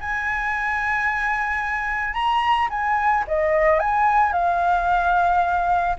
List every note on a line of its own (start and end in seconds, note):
0.00 2.13 G#5
2.13 2.68 A#5
2.70 3.24 G#5
3.27 3.79 D#5
3.79 4.33 G#5
4.33 5.96 F5